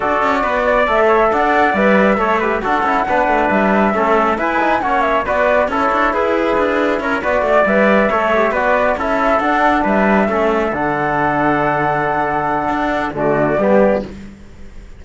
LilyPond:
<<
  \new Staff \with { instrumentName = "flute" } { \time 4/4 \tempo 4 = 137 d''2 e''4 fis''4 | e''2 fis''2 | e''2 gis''4 fis''8 e''8 | d''4 cis''4 b'2 |
cis''8 d''4 e''2 d''8~ | d''8 e''4 fis''4 e''4.~ | e''8 fis''2.~ fis''8~ | fis''2 d''2 | }
  \new Staff \with { instrumentName = "trumpet" } { \time 4/4 a'4 b'8 d''4 cis''8 d''4~ | d''4 cis''8 b'8 a'4 b'4~ | b'4 a'4 b'4 cis''4 | b'4 a'4 gis'2 |
ais'8 b'8 d''4. cis''4 b'8~ | b'8 a'2 b'4 a'8~ | a'1~ | a'2 fis'4 g'4 | }
  \new Staff \with { instrumentName = "trombone" } { \time 4/4 fis'2 a'2 | b'4 a'8 g'8 fis'8 e'8 d'4~ | d'4 cis'4 e'8 dis'8 cis'4 | fis'4 e'2.~ |
e'8 fis'4 b'4 a'8 g'8 fis'8~ | fis'8 e'4 d'2 cis'8~ | cis'8 d'2.~ d'8~ | d'2 a4 b4 | }
  \new Staff \with { instrumentName = "cello" } { \time 4/4 d'8 cis'8 b4 a4 d'4 | g4 a4 d'8 cis'8 b8 a8 | g4 a4 e'4 ais4 | b4 cis'8 d'8 e'4 d'4 |
cis'8 b8 a8 g4 a4 b8~ | b8 cis'4 d'4 g4 a8~ | a8 d2.~ d8~ | d4 d'4 d4 g4 | }
>>